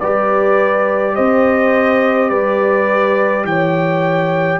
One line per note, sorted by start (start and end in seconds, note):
0.00 1.17 G3
0.00 4.60 G4
0.00 1.15 B4
0.00 1.15 D5
1.15 2.30 C4
1.15 2.30 C5
1.15 2.29 D#5
2.29 3.44 G3
2.29 3.45 B4
2.29 3.45 D5
3.44 4.59 E3
3.44 4.60 C#5
3.44 4.60 G5